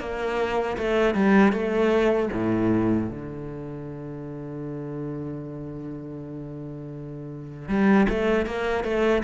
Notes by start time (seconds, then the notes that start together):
0.00 A#3
0.78 A3
1.14 G3
1.52 A3
2.33 A2
3.09 D3
7.68 G3
8.09 A3
8.46 A#3
8.84 A3